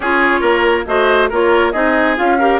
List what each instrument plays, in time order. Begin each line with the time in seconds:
0.00 bassoon C#4, clarinet F4, oboe G#4, flute C#5
0.40 bassoon A#3, oboe A#4
0.86 bassoon A3, clarinet F#4, oboe C5, flute D#5
1.29 bassoon A#3, clarinet F4, oboe A#4, flute C#5
1.72 bassoon C4, clarinet D#4, oboe G#4, flute D#5
2.16 bassoon C#4, clarinet F4, flute F5
2.38 clarinet G4, oboe A#4